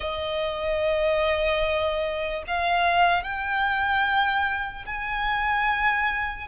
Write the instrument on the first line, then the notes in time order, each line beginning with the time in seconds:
violin
0.00 D#5
2.47 F5
3.23 G5
4.85 G#5